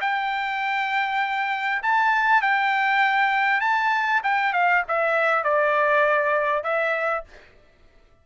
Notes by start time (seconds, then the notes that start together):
0.00 G5
1.82 A5
2.41 G5
3.60 A5
4.23 G5
4.53 F5
4.88 E5
5.44 D5
6.63 E5